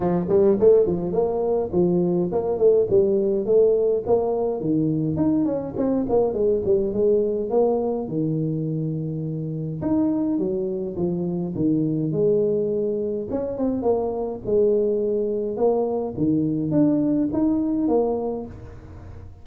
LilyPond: \new Staff \with { instrumentName = "tuba" } { \time 4/4 \tempo 4 = 104 f8 g8 a8 f8 ais4 f4 | ais8 a8 g4 a4 ais4 | dis4 dis'8 cis'8 c'8 ais8 gis8 g8 | gis4 ais4 dis2~ |
dis4 dis'4 fis4 f4 | dis4 gis2 cis'8 c'8 | ais4 gis2 ais4 | dis4 d'4 dis'4 ais4 | }